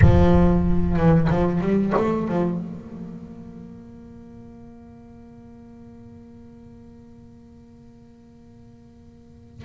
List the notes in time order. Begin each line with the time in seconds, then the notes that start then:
0.01 F3
0.96 E3
1.29 F3
1.60 G3
1.96 A3
2.28 F3
2.59 A#3